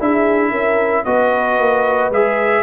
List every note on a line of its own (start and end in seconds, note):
0.00 0.52 D4
0.00 1.06 E4
0.00 0.51 G#4
0.00 1.05 E5
0.51 1.05 C#4
0.51 1.04 A#4
1.05 1.59 B3
1.05 2.12 F#4
1.05 2.64 B4
1.05 2.11 D#5
1.59 2.11 A#3
2.11 2.64 G#3
2.11 2.64 G#4
2.11 2.64 E5